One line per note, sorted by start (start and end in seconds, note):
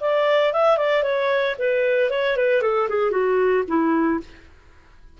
0.00 0.53 D5
0.53 0.77 E5
0.77 1.03 D5
1.03 1.56 C#5
1.58 2.10 B4
2.10 2.36 C#5
2.36 2.61 B4
2.61 2.88 A4
2.89 3.11 G#4
3.11 3.64 F#4
3.67 4.20 E4